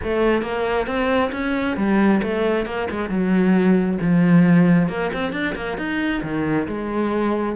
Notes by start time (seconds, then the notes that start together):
0.03 A3
0.42 A#3
0.86 C4
1.32 C#4
1.77 G3
2.22 A3
2.65 A#3
2.90 G#3
3.09 F#3
4.01 F3
4.88 A#3
5.13 C4
5.32 D4
5.55 A#3
5.77 D#4
6.22 D#3
6.67 G#3